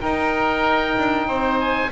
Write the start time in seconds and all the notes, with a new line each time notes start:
0.00 D#4 A#4 G5
0.98 D4
1.27 C4 C5
1.61 G#5